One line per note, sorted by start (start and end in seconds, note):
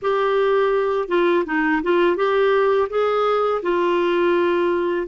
0.02 1.08 G4
1.08 1.44 F4
1.45 1.81 D#4
1.82 2.16 F4
2.16 2.88 G4
2.89 3.61 G#4
3.62 5.07 F4